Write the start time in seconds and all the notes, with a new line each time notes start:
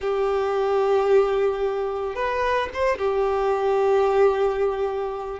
0.00 G4
2.15 B4
2.73 C5
2.98 G4